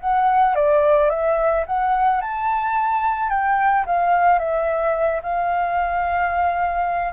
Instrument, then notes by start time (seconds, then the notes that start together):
flute
0.00 F#5
0.55 D5
1.10 E5
1.66 F#5
2.21 A5
3.29 G5
3.86 F5
4.38 E5
5.23 F5